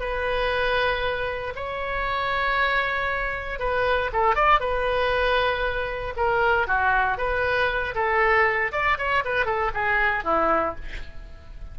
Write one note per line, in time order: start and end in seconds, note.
0.00 1.54 B4
1.56 3.60 C#5
3.60 4.11 B4
4.13 4.35 A4
4.35 4.60 D5
4.60 6.14 B4
6.17 6.67 A#4
6.67 7.18 F#4
7.18 7.95 B4
7.95 8.72 A4
8.72 8.98 D5
8.98 9.24 C#5
9.25 9.46 B4
9.46 9.72 A4
9.74 10.24 G#4
10.24 10.76 E4